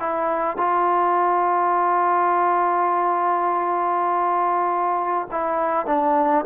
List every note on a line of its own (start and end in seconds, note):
0.00 0.57 E4
0.57 5.28 F4
5.32 5.87 E4
5.87 6.45 D4